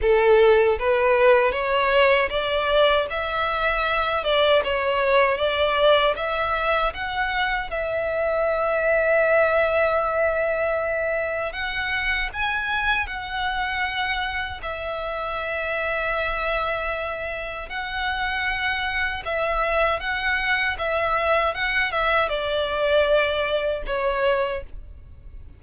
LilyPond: \new Staff \with { instrumentName = "violin" } { \time 4/4 \tempo 4 = 78 a'4 b'4 cis''4 d''4 | e''4. d''8 cis''4 d''4 | e''4 fis''4 e''2~ | e''2. fis''4 |
gis''4 fis''2 e''4~ | e''2. fis''4~ | fis''4 e''4 fis''4 e''4 | fis''8 e''8 d''2 cis''4 | }